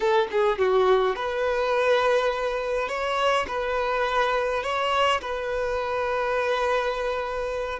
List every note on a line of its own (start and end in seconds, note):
0.00 0.27 A4
0.31 0.58 G#4
0.58 1.15 F#4
1.15 2.88 B4
2.88 3.46 C#5
3.47 4.63 B4
4.63 5.21 C#5
5.21 7.79 B4